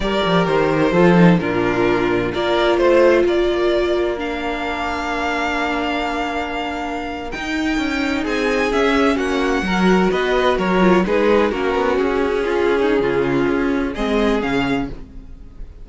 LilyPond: <<
  \new Staff \with { instrumentName = "violin" } { \time 4/4 \tempo 4 = 129 d''4 c''2 ais'4~ | ais'4 d''4 c''4 d''4~ | d''4 f''2.~ | f''2.~ f''8. g''16~ |
g''4.~ g''16 gis''4 e''4 fis''16~ | fis''4.~ fis''16 dis''4 cis''4 b'16~ | b'8. ais'4 gis'2~ gis'16~ | gis'2 dis''4 f''4 | }
  \new Staff \with { instrumentName = "violin" } { \time 4/4 ais'2 a'4 f'4~ | f'4 ais'4 c''4 ais'4~ | ais'1~ | ais'1~ |
ais'4.~ ais'16 gis'2 fis'16~ | fis'8. ais'4 b'4 ais'4 gis'16~ | gis'8. fis'2 f'8. dis'8 | f'2 gis'2 | }
  \new Staff \with { instrumentName = "viola" } { \time 4/4 g'2 f'8 dis'8 d'4~ | d'4 f'2.~ | f'4 d'2.~ | d'2.~ d'8. dis'16~ |
dis'2~ dis'8. cis'4~ cis'16~ | cis'8. fis'2~ fis'8 f'8 dis'16~ | dis'8. cis'2.~ cis'16~ | cis'2 c'4 cis'4 | }
  \new Staff \with { instrumentName = "cello" } { \time 4/4 g8 f8 dis4 f4 ais,4~ | ais,4 ais4 a4 ais4~ | ais1~ | ais2.~ ais8. dis'16~ |
dis'8. cis'4 c'4 cis'4 ais16~ | ais8. fis4 b4 fis4 gis16~ | gis8. ais8 b8 cis'2~ cis'16 | cis4 cis'4 gis4 cis4 | }
>>